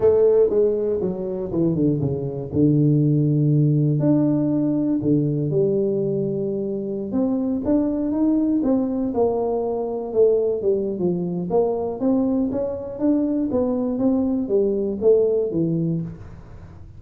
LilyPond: \new Staff \with { instrumentName = "tuba" } { \time 4/4 \tempo 4 = 120 a4 gis4 fis4 e8 d8 | cis4 d2. | d'2 d4 g4~ | g2~ g16 c'4 d'8.~ |
d'16 dis'4 c'4 ais4.~ ais16~ | ais16 a4 g8. f4 ais4 | c'4 cis'4 d'4 b4 | c'4 g4 a4 e4 | }